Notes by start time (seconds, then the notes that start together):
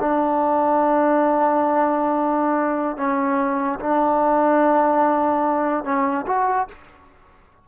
0.00 D4
2.97 C#4
3.79 D4
5.84 C#4
6.27 F#4